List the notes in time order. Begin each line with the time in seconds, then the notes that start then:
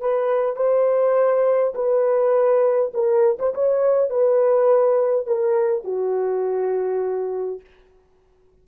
0.00 B4
0.56 C5
1.74 B4
2.94 A#4
3.39 C5
3.54 C#5
4.10 B4
5.26 A#4
5.84 F#4